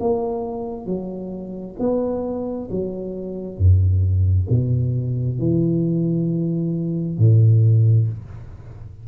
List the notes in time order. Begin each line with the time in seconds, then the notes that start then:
0.00 A#3
0.86 F#3
1.79 B3
2.71 F#3
3.58 F#2
4.49 B2
5.39 E3
7.18 A2